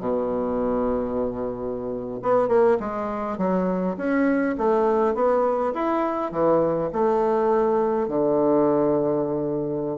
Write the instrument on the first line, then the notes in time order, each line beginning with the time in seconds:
bassoon
0.00 B2
2.22 B3
2.48 A#3
2.80 G#3
3.38 F#3
3.97 C#4
4.58 A3
5.15 B3
5.74 E4
6.32 E3
6.93 A3
8.09 D3